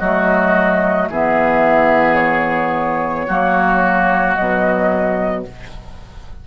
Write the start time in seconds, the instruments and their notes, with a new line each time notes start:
0.00 bassoon F#3, clarinet A3, oboe F#4, flute D#5
1.09 bassoon E3, clarinet B3, oboe G#4, flute E5
2.15 flute C#5
3.27 bassoon F#3, clarinet A#3, oboe F#4
4.35 bassoon B2, clarinet F#3, flute D#5